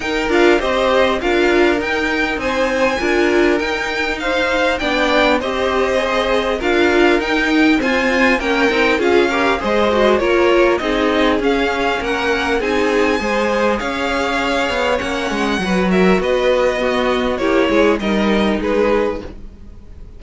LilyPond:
<<
  \new Staff \with { instrumentName = "violin" } { \time 4/4 \tempo 4 = 100 g''8 f''8 dis''4 f''4 g''4 | gis''2 g''4 f''4 | g''4 dis''2 f''4 | g''4 gis''4 g''4 f''4 |
dis''4 cis''4 dis''4 f''4 | fis''4 gis''2 f''4~ | f''4 fis''4. e''8 dis''4~ | dis''4 cis''4 dis''4 b'4 | }
  \new Staff \with { instrumentName = "violin" } { \time 4/4 ais'4 c''4 ais'2 | c''4 ais'2 c''4 | d''4 c''2 ais'4~ | ais'4 c''4 ais'4 gis'8 ais'8 |
c''4 ais'4 gis'2 | ais'4 gis'4 c''4 cis''4~ | cis''2 b'8 ais'8 b'4 | fis'4 g'8 gis'8 ais'4 gis'4 | }
  \new Staff \with { instrumentName = "viola" } { \time 4/4 dis'8 f'8 g'4 f'4 dis'4~ | dis'4 f'4 dis'2 | d'4 g'4 gis'4 f'4 | dis'4 c'4 cis'8 dis'8 f'8 g'8 |
gis'8 fis'8 f'4 dis'4 cis'4~ | cis'4 dis'4 gis'2~ | gis'4 cis'4 fis'2 | b4 e'4 dis'2 | }
  \new Staff \with { instrumentName = "cello" } { \time 4/4 dis'8 d'8 c'4 d'4 dis'4 | c'4 d'4 dis'2 | b4 c'2 d'4 | dis'4 f'4 ais8 c'8 cis'4 |
gis4 ais4 c'4 cis'4 | ais4 c'4 gis4 cis'4~ | cis'8 b8 ais8 gis8 fis4 b4~ | b4 ais8 gis8 g4 gis4 | }
>>